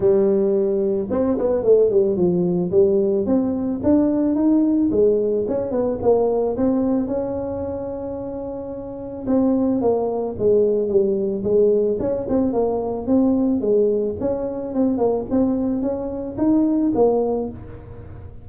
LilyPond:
\new Staff \with { instrumentName = "tuba" } { \time 4/4 \tempo 4 = 110 g2 c'8 b8 a8 g8 | f4 g4 c'4 d'4 | dis'4 gis4 cis'8 b8 ais4 | c'4 cis'2.~ |
cis'4 c'4 ais4 gis4 | g4 gis4 cis'8 c'8 ais4 | c'4 gis4 cis'4 c'8 ais8 | c'4 cis'4 dis'4 ais4 | }